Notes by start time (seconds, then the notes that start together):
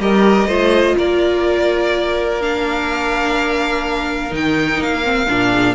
0.00 G3 G4 A#4 D#5
0.47 A3 F4 C5
0.98 A#3 A#4 D5
2.41 D4 F5
4.31 D#3 D#4 G5
4.78 A#3 F5
5.04 C4
5.28 A#2 D4
5.50 G#4